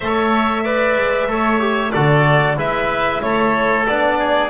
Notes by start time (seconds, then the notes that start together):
0.00 A3 A4 C#5 E5
0.63 B4 D5
0.96 G#3
1.27 A3 A4 C#5
1.59 G4
1.91 D3 F#4 A4 D5
2.56 G#3 E4 B4 E5
3.22 A3 A4 C#5
3.87 B3 D4 D5
4.18 G#4